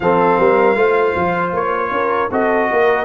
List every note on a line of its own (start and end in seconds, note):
0.00 0.37 F3
0.00 0.75 C4
0.00 0.39 A4
0.00 1.52 F5
0.39 0.75 G3
0.39 0.76 A#4
0.75 1.13 A3
0.75 2.29 F4
0.75 1.91 C5
1.15 1.53 F3
1.53 1.91 A#3
1.53 2.31 C#5
1.91 2.29 C#4
1.91 2.30 A#4
2.30 2.69 C4
2.30 3.05 F#4
2.30 2.68 A4
2.30 3.05 D#5
2.70 3.05 A#3
2.70 3.05 A#4